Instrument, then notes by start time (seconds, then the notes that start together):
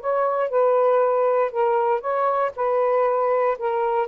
saxophone
0.00 C#5
0.49 B4
1.51 A#4
2.00 C#5
2.56 B4
3.58 A#4